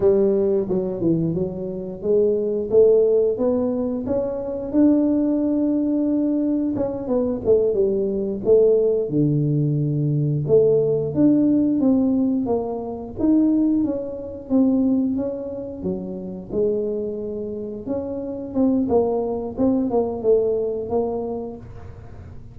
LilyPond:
\new Staff \with { instrumentName = "tuba" } { \time 4/4 \tempo 4 = 89 g4 fis8 e8 fis4 gis4 | a4 b4 cis'4 d'4~ | d'2 cis'8 b8 a8 g8~ | g8 a4 d2 a8~ |
a8 d'4 c'4 ais4 dis'8~ | dis'8 cis'4 c'4 cis'4 fis8~ | fis8 gis2 cis'4 c'8 | ais4 c'8 ais8 a4 ais4 | }